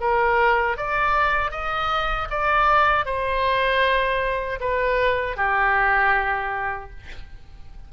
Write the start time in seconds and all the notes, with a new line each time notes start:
0.00 A#4
0.77 D5
1.51 D#5
2.30 D5
3.06 C5
4.60 B4
5.36 G4